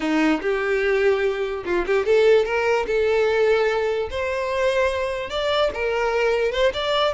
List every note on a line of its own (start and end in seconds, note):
0.00 0.40 D#4
0.41 1.64 G4
1.65 1.85 F4
1.86 2.05 G4
2.05 2.45 A4
2.45 2.86 A#4
2.86 4.09 A4
4.10 5.30 C5
5.30 5.71 D5
5.74 6.52 A#4
6.52 6.72 C5
6.73 7.13 D5